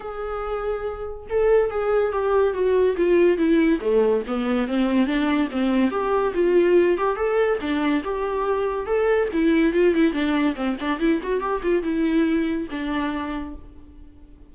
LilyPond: \new Staff \with { instrumentName = "viola" } { \time 4/4 \tempo 4 = 142 gis'2. a'4 | gis'4 g'4 fis'4 f'4 | e'4 a4 b4 c'4 | d'4 c'4 g'4 f'4~ |
f'8 g'8 a'4 d'4 g'4~ | g'4 a'4 e'4 f'8 e'8 | d'4 c'8 d'8 e'8 fis'8 g'8 f'8 | e'2 d'2 | }